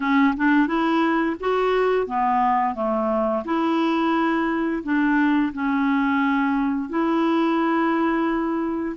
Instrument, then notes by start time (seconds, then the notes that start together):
clarinet
0.00 C#4
0.36 D4
0.67 E4
1.39 F#4
2.06 B3
2.74 A3
3.45 E4
4.83 D4
5.53 C#4
6.89 E4